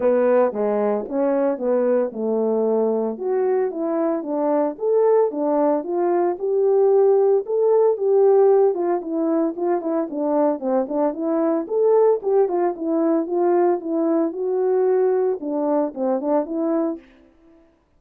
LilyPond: \new Staff \with { instrumentName = "horn" } { \time 4/4 \tempo 4 = 113 b4 gis4 cis'4 b4 | a2 fis'4 e'4 | d'4 a'4 d'4 f'4 | g'2 a'4 g'4~ |
g'8 f'8 e'4 f'8 e'8 d'4 | c'8 d'8 e'4 a'4 g'8 f'8 | e'4 f'4 e'4 fis'4~ | fis'4 d'4 c'8 d'8 e'4 | }